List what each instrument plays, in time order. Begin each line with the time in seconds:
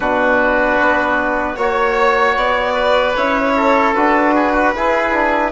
0.00 bassoon B2, trombone D4, oboe F#4, violin B4
0.79 bassoon B3
1.55 bassoon A#3, trombone F#4, violin C#5, oboe C#5
2.36 bassoon B3, violin D5
2.73 oboe B4
3.15 bassoon C#4, trombone E4, violin C#5
3.56 oboe A4
3.94 bassoon D4, trombone F#4, violin B4
4.34 oboe G#4
4.52 oboe F#4
4.74 trombone E4, bassoon E4, oboe G#4
5.12 trombone D4